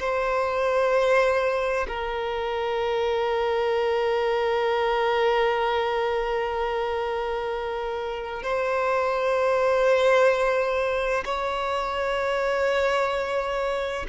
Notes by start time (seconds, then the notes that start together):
0.00 C5
1.88 A#4
8.43 C5
11.25 C#5